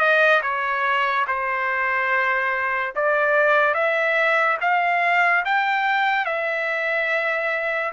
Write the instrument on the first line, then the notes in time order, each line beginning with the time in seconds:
trumpet
0.00 D#5
0.42 C#5
1.28 C5
2.96 D5
3.75 E5
4.61 F5
5.45 G5
6.26 E5